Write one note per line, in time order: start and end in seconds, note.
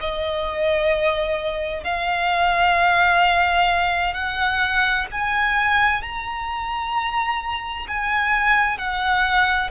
0.00 1.84 D#5
1.84 4.14 F5
4.14 5.06 F#5
5.11 6.02 G#5
6.02 7.87 A#5
7.88 8.78 G#5
8.78 9.70 F#5